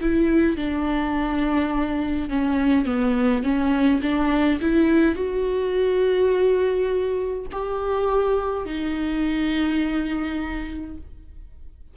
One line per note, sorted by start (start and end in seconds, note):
0.00 0.56 E4
0.56 2.29 D4
2.29 2.85 C#4
2.85 3.43 B3
3.43 4.01 C#4
4.02 4.60 D4
4.60 5.15 E4
5.15 7.46 F#4
7.52 8.65 G4
8.65 10.96 D#4